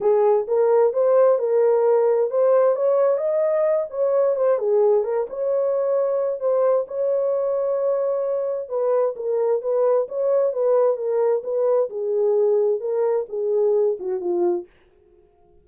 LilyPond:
\new Staff \with { instrumentName = "horn" } { \time 4/4 \tempo 4 = 131 gis'4 ais'4 c''4 ais'4~ | ais'4 c''4 cis''4 dis''4~ | dis''8 cis''4 c''8 gis'4 ais'8 cis''8~ | cis''2 c''4 cis''4~ |
cis''2. b'4 | ais'4 b'4 cis''4 b'4 | ais'4 b'4 gis'2 | ais'4 gis'4. fis'8 f'4 | }